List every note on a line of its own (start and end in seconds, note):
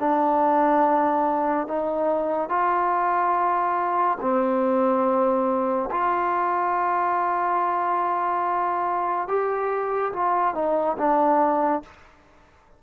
0.00 1.67 D4
1.67 2.49 D#4
2.49 4.18 F4
4.21 5.90 C4
5.91 9.28 F4
9.28 10.13 G4
10.13 10.55 F4
10.55 10.97 D#4
10.98 11.83 D4